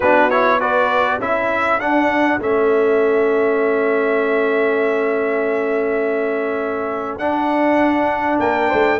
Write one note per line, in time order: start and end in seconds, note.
0.00 1.18 B3
0.00 0.30 D4
0.00 0.58 F#4
0.00 0.30 B4
0.30 0.60 E4
0.30 0.60 C#5
0.59 1.20 F#4
0.59 1.19 B4
0.59 1.20 D5
1.18 1.78 C#4
1.18 1.80 E4
1.18 8.39 A4
1.18 1.80 E5
1.78 2.38 D4
1.78 2.40 D4
1.78 2.40 F#5
2.39 7.18 A3
2.39 7.20 C#4
2.39 7.18 E5
7.18 8.38 D4
7.18 8.99 D4
7.18 8.38 F#5
8.39 8.69 A#3
8.39 8.68 A#4
8.39 8.99 G5
8.68 8.99 A3
8.68 8.98 C5